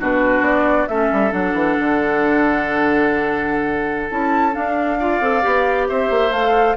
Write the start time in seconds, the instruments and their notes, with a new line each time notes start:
0.00 bassoon B2, clarinet D4, oboe F#4, flute B4
0.41 bassoon B3, flute D5
0.88 bassoon A3, clarinet C#4, oboe A4, flute E5
1.12 bassoon G3
1.31 bassoon F#3, clarinet D4, flute F#5
1.54 bassoon E3
1.80 bassoon D3
4.10 bassoon C#4, clarinet E4, flute A5
4.52 clarinet D4, bassoon D4, flute F5
4.99 clarinet F4, oboe D5
5.20 bassoon C4, clarinet A4
5.43 bassoon B3, clarinet G4
5.88 bassoon C4, oboe C5, flute E5
6.10 bassoon A#3
6.30 bassoon A3, clarinet A4, flute F5